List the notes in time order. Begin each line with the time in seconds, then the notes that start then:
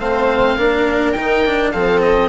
0.00 A3 C4 C5 F5
0.57 A#3 D4 A#4
1.12 D#3 D#4 G5
1.47 D4
1.72 F3 C4 A4 F5
2.02 D#5